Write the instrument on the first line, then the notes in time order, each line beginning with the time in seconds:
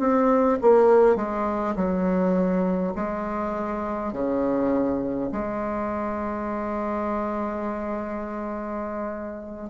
bassoon
0.00 C4
0.61 A#3
1.16 G#3
1.76 F#3
2.96 G#3
4.13 C#3
5.32 G#3